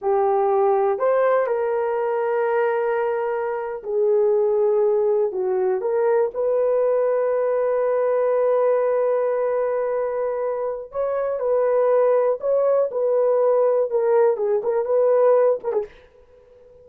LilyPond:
\new Staff \with { instrumentName = "horn" } { \time 4/4 \tempo 4 = 121 g'2 c''4 ais'4~ | ais'2.~ ais'8. gis'16~ | gis'2~ gis'8. fis'4 ais'16~ | ais'8. b'2.~ b'16~ |
b'1~ | b'2 cis''4 b'4~ | b'4 cis''4 b'2 | ais'4 gis'8 ais'8 b'4. ais'16 gis'16 | }